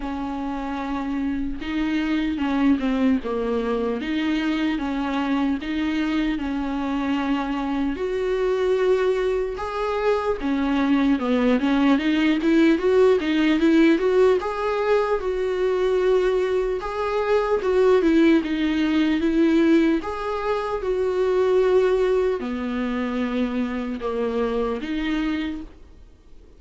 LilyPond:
\new Staff \with { instrumentName = "viola" } { \time 4/4 \tempo 4 = 75 cis'2 dis'4 cis'8 c'8 | ais4 dis'4 cis'4 dis'4 | cis'2 fis'2 | gis'4 cis'4 b8 cis'8 dis'8 e'8 |
fis'8 dis'8 e'8 fis'8 gis'4 fis'4~ | fis'4 gis'4 fis'8 e'8 dis'4 | e'4 gis'4 fis'2 | b2 ais4 dis'4 | }